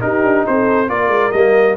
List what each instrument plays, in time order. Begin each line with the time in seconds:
0.00 trombone D#4, tuba D#4, horn G4, trumpet A#4
0.23 tuba D4
0.47 tuba C4, horn A4, trumpet C5
0.88 tuba A#3, trombone F4, horn A#4, trumpet D5
1.08 tuba G#3
1.32 tuba G3, trombone A#3, trumpet D#5